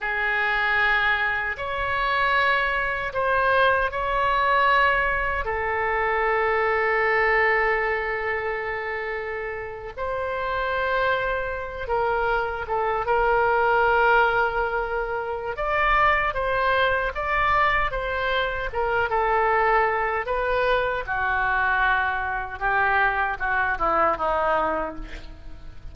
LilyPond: \new Staff \with { instrumentName = "oboe" } { \time 4/4 \tempo 4 = 77 gis'2 cis''2 | c''4 cis''2 a'4~ | a'1~ | a'8. c''2~ c''8 ais'8.~ |
ais'16 a'8 ais'2.~ ais'16 | d''4 c''4 d''4 c''4 | ais'8 a'4. b'4 fis'4~ | fis'4 g'4 fis'8 e'8 dis'4 | }